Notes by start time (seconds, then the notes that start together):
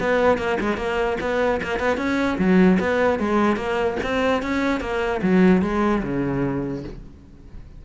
0.00 B3
0.38 A#3
0.60 G#3
0.77 A#3
1.21 B3
1.63 A#3
1.79 B3
1.97 C#4
2.38 F#3
2.80 B3
3.19 G#3
3.56 A#3
4.03 C4
4.42 C#4
4.80 A#3
5.23 F#3
5.62 G#3
6.03 C#3